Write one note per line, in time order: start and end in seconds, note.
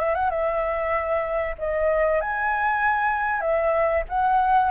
0.00 0.15 E5
0.15 0.30 F#5
0.30 1.55 E5
1.59 2.21 D#5
2.21 3.41 G#5
3.41 4.04 E5
4.09 4.71 F#5